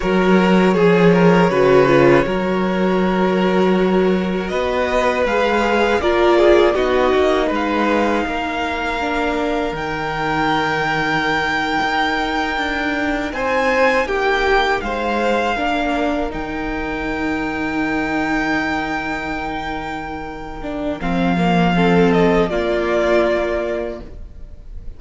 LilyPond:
<<
  \new Staff \with { instrumentName = "violin" } { \time 4/4 \tempo 4 = 80 cis''1~ | cis''2 dis''4 f''4 | d''4 dis''4 f''2~ | f''4 g''2.~ |
g''4.~ g''16 gis''4 g''4 f''16~ | f''4.~ f''16 g''2~ g''16~ | g''1 | f''4. dis''8 d''2 | }
  \new Staff \with { instrumentName = "violin" } { \time 4/4 ais'4 gis'8 ais'8 b'4 ais'4~ | ais'2 b'2 | ais'8 gis'8 fis'4 b'4 ais'4~ | ais'1~ |
ais'4.~ ais'16 c''4 g'4 c''16~ | c''8. ais'2.~ ais'16~ | ais'1~ | ais'4 a'4 f'2 | }
  \new Staff \with { instrumentName = "viola" } { \time 4/4 fis'4 gis'4 fis'8 f'8 fis'4~ | fis'2. gis'4 | f'4 dis'2. | d'4 dis'2.~ |
dis'1~ | dis'8. d'4 dis'2~ dis'16~ | dis'2.~ dis'8 d'8 | c'8 ais8 c'4 ais2 | }
  \new Staff \with { instrumentName = "cello" } { \time 4/4 fis4 f4 cis4 fis4~ | fis2 b4 gis4 | ais4 b8 ais8 gis4 ais4~ | ais4 dis2~ dis8. dis'16~ |
dis'8. d'4 c'4 ais4 gis16~ | gis8. ais4 dis2~ dis16~ | dis1 | f2 ais2 | }
>>